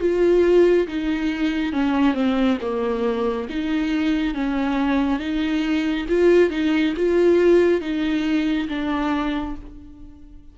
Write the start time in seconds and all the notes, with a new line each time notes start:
0.00 F4
0.87 D#4
1.72 C#4
2.14 C4
2.60 A#3
3.49 D#4
4.34 C#4
5.19 D#4
6.08 F4
6.50 D#4
6.96 F4
7.81 D#4
8.68 D4